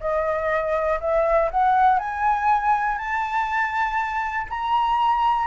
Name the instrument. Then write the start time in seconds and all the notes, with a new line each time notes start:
flute
0.00 D#5
1.00 E5
1.51 F#5
1.99 G#5
2.98 A5
4.49 A#5